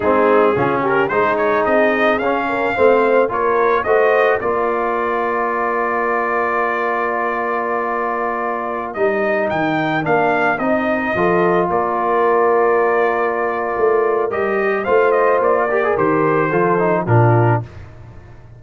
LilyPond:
<<
  \new Staff \with { instrumentName = "trumpet" } { \time 4/4 \tempo 4 = 109 gis'4. ais'8 c''8 cis''8 dis''4 | f''2 cis''4 dis''4 | d''1~ | d''1~ |
d''16 dis''4 g''4 f''4 dis''8.~ | dis''4~ dis''16 d''2~ d''8.~ | d''2 dis''4 f''8 dis''8 | d''4 c''2 ais'4 | }
  \new Staff \with { instrumentName = "horn" } { \time 4/4 dis'4 f'8 g'8 gis'2~ | gis'8 ais'8 c''4 ais'4 c''4 | ais'1~ | ais'1~ |
ais'1~ | ais'16 a'4 ais'2~ ais'8.~ | ais'2. c''4~ | c''8 ais'4. a'4 f'4 | }
  \new Staff \with { instrumentName = "trombone" } { \time 4/4 c'4 cis'4 dis'2 | cis'4 c'4 f'4 fis'4 | f'1~ | f'1~ |
f'16 dis'2 d'4 dis'8.~ | dis'16 f'2.~ f'8.~ | f'2 g'4 f'4~ | f'8 g'16 gis'16 g'4 f'8 dis'8 d'4 | }
  \new Staff \with { instrumentName = "tuba" } { \time 4/4 gis4 cis4 gis4 c'4 | cis'4 a4 ais4 a4 | ais1~ | ais1~ |
ais16 g4 dis4 ais4 c'8.~ | c'16 f4 ais2~ ais8.~ | ais4 a4 g4 a4 | ais4 dis4 f4 ais,4 | }
>>